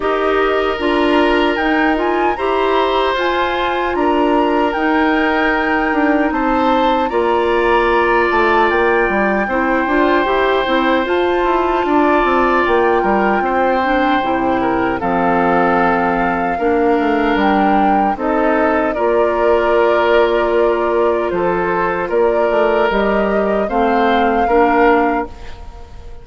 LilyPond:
<<
  \new Staff \with { instrumentName = "flute" } { \time 4/4 \tempo 4 = 76 dis''4 ais''4 g''8 gis''8 ais''4 | gis''4 ais''4 g''2 | a''4 ais''4. a''8 g''4~ | g''2 a''2 |
g''2. f''4~ | f''2 g''4 dis''4 | d''2. c''4 | d''4 dis''4 f''2 | }
  \new Staff \with { instrumentName = "oboe" } { \time 4/4 ais'2. c''4~ | c''4 ais'2. | c''4 d''2. | c''2. d''4~ |
d''8 ais'8 c''4. ais'8 a'4~ | a'4 ais'2 a'4 | ais'2. a'4 | ais'2 c''4 ais'4 | }
  \new Staff \with { instrumentName = "clarinet" } { \time 4/4 g'4 f'4 dis'8 f'8 g'4 | f'2 dis'2~ | dis'4 f'2. | e'8 f'8 g'8 e'8 f'2~ |
f'4. d'8 e'4 c'4~ | c'4 d'2 dis'4 | f'1~ | f'4 g'4 c'4 d'4 | }
  \new Staff \with { instrumentName = "bassoon" } { \time 4/4 dis'4 d'4 dis'4 e'4 | f'4 d'4 dis'4. d'8 | c'4 ais4. a8 ais8 g8 | c'8 d'8 e'8 c'8 f'8 e'8 d'8 c'8 |
ais8 g8 c'4 c4 f4~ | f4 ais8 a8 g4 c'4 | ais2. f4 | ais8 a8 g4 a4 ais4 | }
>>